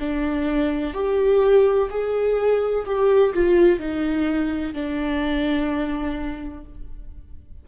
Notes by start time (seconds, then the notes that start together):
0.00 D4
0.94 G4
1.90 G#4
2.86 G4
3.34 F4
3.80 D#4
4.74 D4